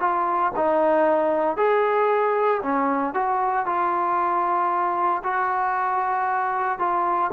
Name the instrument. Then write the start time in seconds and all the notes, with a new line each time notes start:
trombone
0.00 F4
0.56 D#4
1.57 G#4
2.63 C#4
3.14 F#4
3.66 F4
5.24 F#4
6.79 F4